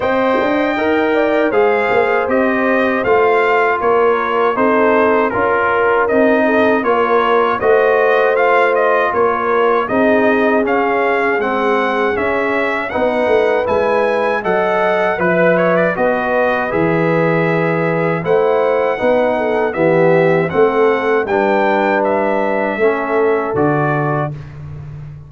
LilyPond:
<<
  \new Staff \with { instrumentName = "trumpet" } { \time 4/4 \tempo 4 = 79 g''2 f''4 dis''4 | f''4 cis''4 c''4 ais'4 | dis''4 cis''4 dis''4 f''8 dis''8 | cis''4 dis''4 f''4 fis''4 |
e''4 fis''4 gis''4 fis''4 | b'8 cis''16 d''16 dis''4 e''2 | fis''2 e''4 fis''4 | g''4 e''2 d''4 | }
  \new Staff \with { instrumentName = "horn" } { \time 4/4 dis''4. d''8 c''2~ | c''4 ais'4 a'4 ais'4~ | ais'8 a'8 ais'4 c''2 | ais'4 gis'2.~ |
gis'4 b'2 dis''4 | e''4 b'2. | c''4 b'8 a'8 g'4 a'4 | b'2 a'2 | }
  \new Staff \with { instrumentName = "trombone" } { \time 4/4 c''4 ais'4 gis'4 g'4 | f'2 dis'4 f'4 | dis'4 f'4 fis'4 f'4~ | f'4 dis'4 cis'4 c'4 |
cis'4 dis'4 e'4 a'4 | b'4 fis'4 gis'2 | e'4 dis'4 b4 c'4 | d'2 cis'4 fis'4 | }
  \new Staff \with { instrumentName = "tuba" } { \time 4/4 c'8 d'8 dis'4 gis8 ais8 c'4 | a4 ais4 c'4 cis'4 | c'4 ais4 a2 | ais4 c'4 cis'4 gis4 |
cis'4 b8 a8 gis4 fis4 | f4 b4 e2 | a4 b4 e4 a4 | g2 a4 d4 | }
>>